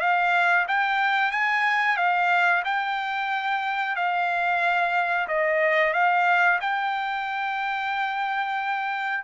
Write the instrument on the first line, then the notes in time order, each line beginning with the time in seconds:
trumpet
0.00 F5
0.67 G5
1.31 G#5
1.97 F5
2.64 G5
3.95 F5
5.27 D#5
5.93 F5
6.60 G5